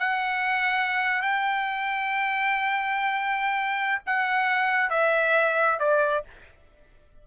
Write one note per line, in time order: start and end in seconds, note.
0.00 1.22 F#5
1.22 4.02 G5
4.06 4.90 F#5
4.90 5.80 E5
5.80 6.25 D5